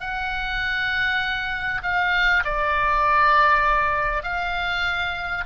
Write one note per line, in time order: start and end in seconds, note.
0.00 1.82 F#5
1.83 2.44 F5
2.45 4.24 D5
4.24 5.45 F5